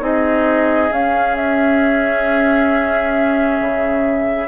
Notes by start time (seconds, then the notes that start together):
0.00 C4 D#4 G#4 D#5
0.91 C#4 F5
1.36 E5
3.61 C#3